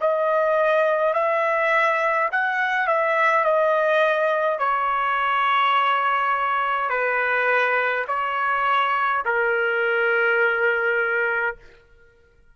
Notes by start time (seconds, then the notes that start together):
0.00 D#5
1.13 E5
2.31 F#5
2.87 E5
3.44 D#5
4.58 C#5
6.89 B4
8.07 C#5
9.25 A#4